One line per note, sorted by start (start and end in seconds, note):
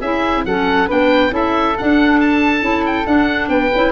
0.00 0.44 C#4
0.00 0.47 E4
0.00 0.43 G#4
0.00 0.44 E5
0.45 0.89 F#3
0.45 0.88 C#4
0.45 0.87 A4
0.45 0.89 F#5
0.87 1.31 B3
0.87 1.30 D4
0.87 1.31 B4
0.87 1.34 G5
1.30 1.74 C#4
1.30 1.74 E4
1.30 3.50 A4
1.30 1.78 E5
1.78 2.61 D4
1.78 2.62 D4
1.78 2.20 F#5
2.20 2.85 A5
2.61 3.06 C#4
2.61 3.05 E4
2.86 3.06 G5
3.05 3.71 D4
3.05 3.49 D4
3.05 3.49 F#5
3.49 3.70 B3
3.49 3.92 B4
3.49 3.92 G5
3.74 3.92 C#4
3.74 3.92 E4